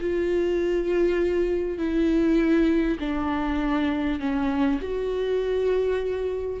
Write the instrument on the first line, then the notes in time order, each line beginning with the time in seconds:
viola
0.00 F4
1.78 E4
2.99 D4
4.19 C#4
4.81 F#4